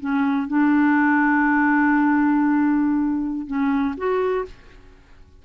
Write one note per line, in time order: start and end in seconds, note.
0.00 0.47 C#4
0.47 3.46 D4
3.46 3.94 C#4
3.97 4.45 F#4